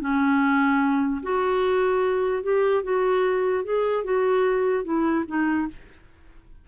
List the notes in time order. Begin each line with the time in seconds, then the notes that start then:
0.00 C#4
1.22 F#4
2.43 G4
2.83 F#4
3.64 G#4
4.04 F#4
4.84 E4
5.27 D#4